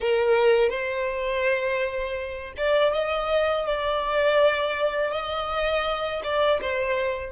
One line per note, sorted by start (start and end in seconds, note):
0.00 0.70 A#4
0.70 2.52 C5
2.57 2.93 D5
2.93 3.66 D#5
3.66 5.11 D5
5.11 6.21 D#5
6.23 6.60 D5
6.61 7.32 C5